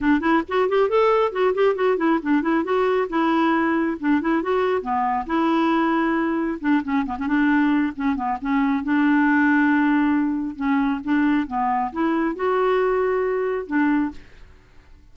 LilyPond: \new Staff \with { instrumentName = "clarinet" } { \time 4/4 \tempo 4 = 136 d'8 e'8 fis'8 g'8 a'4 fis'8 g'8 | fis'8 e'8 d'8 e'8 fis'4 e'4~ | e'4 d'8 e'8 fis'4 b4 | e'2. d'8 cis'8 |
b16 cis'16 d'4. cis'8 b8 cis'4 | d'1 | cis'4 d'4 b4 e'4 | fis'2. d'4 | }